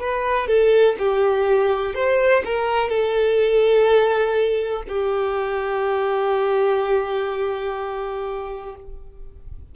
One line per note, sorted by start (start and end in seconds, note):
0.00 0.48 B4
0.48 0.96 A4
0.99 1.95 G4
1.95 2.43 C5
2.45 2.89 A#4
2.89 4.83 A4
4.88 8.75 G4